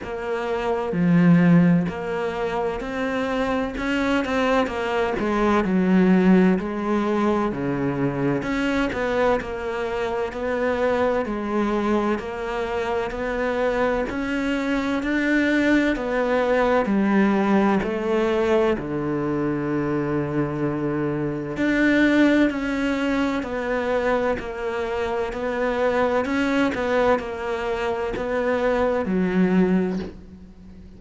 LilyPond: \new Staff \with { instrumentName = "cello" } { \time 4/4 \tempo 4 = 64 ais4 f4 ais4 c'4 | cis'8 c'8 ais8 gis8 fis4 gis4 | cis4 cis'8 b8 ais4 b4 | gis4 ais4 b4 cis'4 |
d'4 b4 g4 a4 | d2. d'4 | cis'4 b4 ais4 b4 | cis'8 b8 ais4 b4 fis4 | }